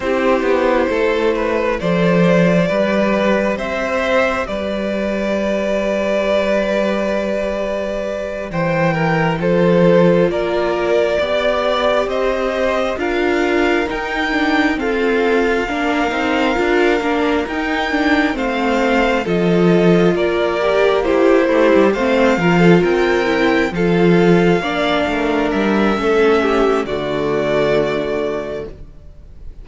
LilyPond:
<<
  \new Staff \with { instrumentName = "violin" } { \time 4/4 \tempo 4 = 67 c''2 d''2 | e''4 d''2.~ | d''4. g''4 c''4 d''8~ | d''4. dis''4 f''4 g''8~ |
g''8 f''2. g''8~ | g''8 f''4 dis''4 d''4 c''8~ | c''8 f''4 g''4 f''4.~ | f''8 e''4. d''2 | }
  \new Staff \with { instrumentName = "violin" } { \time 4/4 g'4 a'8 b'8 c''4 b'4 | c''4 b'2.~ | b'4. c''8 ais'8 a'4 ais'8~ | ais'8 d''4 c''4 ais'4.~ |
ais'8 a'4 ais'2~ ais'8~ | ais'8 c''4 a'4 ais'4 g'8 | e'8 c''8 ais'16 a'16 ais'4 a'4 d''8 | ais'4 a'8 g'8 fis'2 | }
  \new Staff \with { instrumentName = "viola" } { \time 4/4 e'2 a'4 g'4~ | g'1~ | g'2~ g'8 f'4.~ | f'8 g'2 f'4 dis'8 |
d'8 c'4 d'8 dis'8 f'8 d'8 dis'8 | d'8 c'4 f'4. g'8 e'8 | g'8 c'8 f'4 e'8 f'4 d'8~ | d'4 cis'4 a2 | }
  \new Staff \with { instrumentName = "cello" } { \time 4/4 c'8 b8 a4 f4 g4 | c'4 g2.~ | g4. e4 f4 ais8~ | ais8 b4 c'4 d'4 dis'8~ |
dis'8 f'4 ais8 c'8 d'8 ais8 dis'8~ | dis'8 a4 f4 ais4. | a16 g16 a8 f8 c'4 f4 ais8 | a8 g8 a4 d2 | }
>>